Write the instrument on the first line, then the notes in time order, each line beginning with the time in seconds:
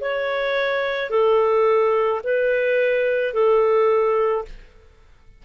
clarinet
0.00 C#5
1.10 A4
2.24 B4
3.33 A4